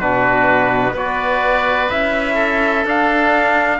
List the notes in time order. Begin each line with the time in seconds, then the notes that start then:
0.00 B2 D4 F#4 B4
0.93 B3 F#4 B4 D5
1.90 C#4 E4 E5
2.35 A4
2.85 D4 F5